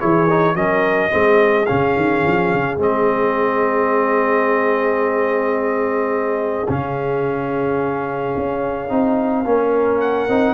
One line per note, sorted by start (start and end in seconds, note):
0.00 0.55 E3
0.00 0.28 E4
0.00 0.56 G#4
0.00 0.56 C#5
0.30 0.55 D#4
0.55 1.11 F#3
0.55 1.11 C#4
0.55 1.12 A#4
0.55 1.66 D#5
1.11 1.70 G#3
1.11 1.66 C4
1.11 9.46 G#4
1.66 1.96 C#3
1.66 2.78 C#4
1.66 2.77 F5
1.96 2.24 D#3
2.26 2.54 F3
2.54 2.78 C#3
2.78 6.67 G#3
2.78 6.67 C4
2.78 6.70 D#5
6.69 8.35 C#3
6.69 8.89 C#4
6.69 10.01 F5
8.37 8.90 C#4
8.89 9.45 C4
8.89 9.45 D#4
9.45 10.29 A#3
9.45 10.29 C#4
9.45 10.54 A#4
10.01 10.54 F#5
10.29 10.54 C4
10.29 10.54 D#4